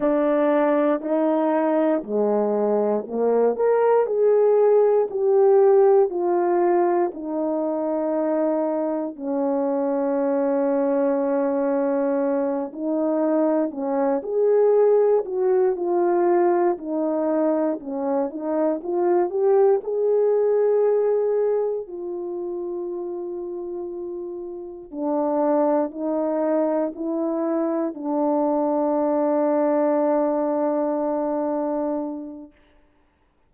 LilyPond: \new Staff \with { instrumentName = "horn" } { \time 4/4 \tempo 4 = 59 d'4 dis'4 gis4 ais8 ais'8 | gis'4 g'4 f'4 dis'4~ | dis'4 cis'2.~ | cis'8 dis'4 cis'8 gis'4 fis'8 f'8~ |
f'8 dis'4 cis'8 dis'8 f'8 g'8 gis'8~ | gis'4. f'2~ f'8~ | f'8 d'4 dis'4 e'4 d'8~ | d'1 | }